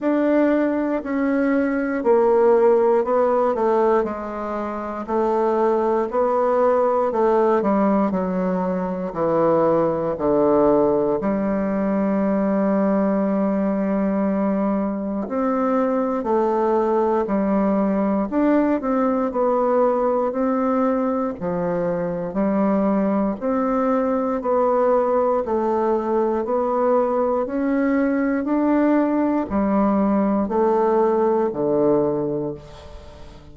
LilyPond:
\new Staff \with { instrumentName = "bassoon" } { \time 4/4 \tempo 4 = 59 d'4 cis'4 ais4 b8 a8 | gis4 a4 b4 a8 g8 | fis4 e4 d4 g4~ | g2. c'4 |
a4 g4 d'8 c'8 b4 | c'4 f4 g4 c'4 | b4 a4 b4 cis'4 | d'4 g4 a4 d4 | }